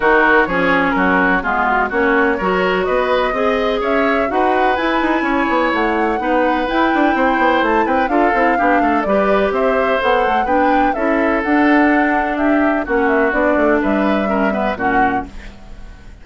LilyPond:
<<
  \new Staff \with { instrumentName = "flute" } { \time 4/4 \tempo 4 = 126 ais'4 cis''4 ais'4 gis'8 fis'8 | cis''2 dis''2 | e''4 fis''4 gis''2 | fis''2 g''2 |
a''8 g''8 f''2 d''4 | e''4 fis''4 g''4 e''4 | fis''2 e''4 fis''8 e''8 | d''4 e''2 fis''4 | }
  \new Staff \with { instrumentName = "oboe" } { \time 4/4 fis'4 gis'4 fis'4 f'4 | fis'4 ais'4 b'4 dis''4 | cis''4 b'2 cis''4~ | cis''4 b'2 c''4~ |
c''8 b'8 a'4 g'8 a'8 b'4 | c''2 b'4 a'4~ | a'2 g'4 fis'4~ | fis'4 b'4 ais'8 b'8 fis'4 | }
  \new Staff \with { instrumentName = "clarinet" } { \time 4/4 dis'4 cis'2 b4 | cis'4 fis'2 gis'4~ | gis'4 fis'4 e'2~ | e'4 dis'4 e'2~ |
e'4 f'8 e'8 d'4 g'4~ | g'4 a'4 d'4 e'4 | d'2. cis'4 | d'2 cis'8 b8 cis'4 | }
  \new Staff \with { instrumentName = "bassoon" } { \time 4/4 dis4 f4 fis4 gis4 | ais4 fis4 b4 c'4 | cis'4 dis'4 e'8 dis'8 cis'8 b8 | a4 b4 e'8 d'8 c'8 b8 |
a8 c'8 d'8 c'8 b8 a8 g4 | c'4 b8 a8 b4 cis'4 | d'2. ais4 | b8 a8 g2 ais,4 | }
>>